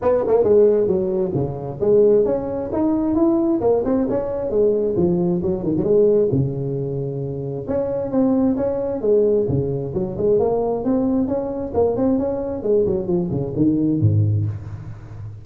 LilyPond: \new Staff \with { instrumentName = "tuba" } { \time 4/4 \tempo 4 = 133 b8 ais8 gis4 fis4 cis4 | gis4 cis'4 dis'4 e'4 | ais8 c'8 cis'4 gis4 f4 | fis8 dis16 fis16 gis4 cis2~ |
cis4 cis'4 c'4 cis'4 | gis4 cis4 fis8 gis8 ais4 | c'4 cis'4 ais8 c'8 cis'4 | gis8 fis8 f8 cis8 dis4 gis,4 | }